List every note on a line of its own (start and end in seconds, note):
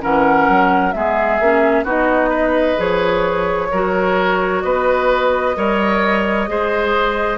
0.00 0.48 E3
0.00 0.92 C#4
0.00 0.94 A#4
0.00 0.92 F#5
0.48 0.94 F#3
0.92 1.39 G#3
0.92 1.40 B3
0.92 1.84 G#4
0.92 1.84 E5
1.39 1.83 A#3
1.39 1.85 C#4
1.83 2.76 B3
1.83 2.77 D#4
1.83 2.29 F#4
1.83 2.80 D#5
2.29 3.67 B4
2.77 3.71 F3
2.77 3.69 G#4
2.77 4.61 C#5
3.70 4.63 F#3
3.70 5.55 F#4
3.70 4.63 A#4
4.61 5.56 B3
4.61 5.56 B4
4.61 7.37 D#5
5.55 6.48 G3
5.55 6.47 A#4
5.55 6.49 C#5
6.47 7.37 G#3
6.47 7.37 G#4
6.47 7.37 C5